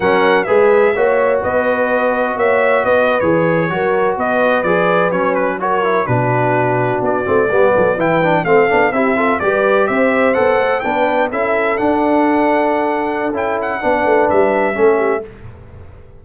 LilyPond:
<<
  \new Staff \with { instrumentName = "trumpet" } { \time 4/4 \tempo 4 = 126 fis''4 e''2 dis''4~ | dis''4 e''4 dis''8. cis''4~ cis''16~ | cis''8. dis''4 d''4 cis''8 b'8 cis''16~ | cis''8. b'2 d''4~ d''16~ |
d''8. g''4 f''4 e''4 d''16~ | d''8. e''4 fis''4 g''4 e''16~ | e''8. fis''2.~ fis''16 | g''8 fis''4. e''2 | }
  \new Staff \with { instrumentName = "horn" } { \time 4/4 ais'4 b'4 cis''4 b'4~ | b'4 cis''4 b'4.~ b'16 ais'16~ | ais'8. b'2. ais'16~ | ais'8. fis'2. g'16~ |
g'16 a'8 b'4 a'4 g'8 a'8 b'16~ | b'8. c''2 b'4 a'16~ | a'1~ | a'4 b'2 a'8 g'8 | }
  \new Staff \with { instrumentName = "trombone" } { \time 4/4 cis'4 gis'4 fis'2~ | fis'2~ fis'8. gis'4 fis'16~ | fis'4.~ fis'16 gis'4 cis'4 fis'16~ | fis'16 e'8 d'2~ d'8 c'8 b16~ |
b8. e'8 d'8 c'8 d'8 e'8 f'8 g'16~ | g'4.~ g'16 a'4 d'4 e'16~ | e'8. d'2.~ d'16 | e'4 d'2 cis'4 | }
  \new Staff \with { instrumentName = "tuba" } { \time 4/4 fis4 gis4 ais4 b4~ | b4 ais4 b8. e4 fis16~ | fis8. b4 f4 fis4~ fis16~ | fis8. b,2 b8 a8 g16~ |
g16 fis8 e4 a8 b8 c'4 g16~ | g8. c'4 b8 a8 b4 cis'16~ | cis'8. d'2.~ d'16 | cis'4 b8 a8 g4 a4 | }
>>